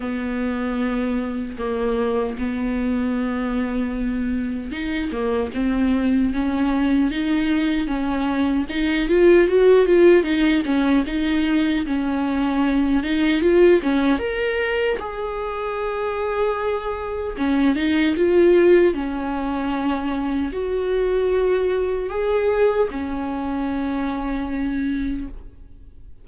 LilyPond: \new Staff \with { instrumentName = "viola" } { \time 4/4 \tempo 4 = 76 b2 ais4 b4~ | b2 dis'8 ais8 c'4 | cis'4 dis'4 cis'4 dis'8 f'8 | fis'8 f'8 dis'8 cis'8 dis'4 cis'4~ |
cis'8 dis'8 f'8 cis'8 ais'4 gis'4~ | gis'2 cis'8 dis'8 f'4 | cis'2 fis'2 | gis'4 cis'2. | }